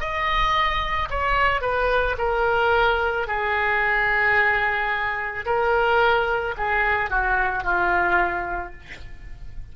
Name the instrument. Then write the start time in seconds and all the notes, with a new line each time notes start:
oboe
0.00 D#5
1.10 C#5
1.61 B4
2.18 A#4
3.27 G#4
5.45 A#4
6.58 G#4
7.10 F#4
7.64 F4